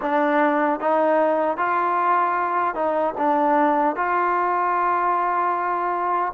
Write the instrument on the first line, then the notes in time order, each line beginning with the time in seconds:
trombone
0.01 D4
0.79 D#4
1.57 F4
2.74 D#4
3.17 D4
3.96 F4